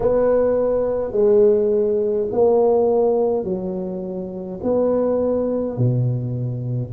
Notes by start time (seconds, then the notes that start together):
0.00 B3
1.12 G#3
2.31 A#3
3.44 F#3
4.62 B3
5.77 B2